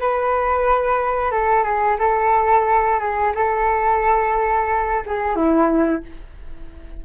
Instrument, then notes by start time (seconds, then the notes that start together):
flute
0.00 B4
1.31 A4
1.64 G#4
1.99 A4
3.00 G#4
3.35 A4
5.06 G#4
5.36 E4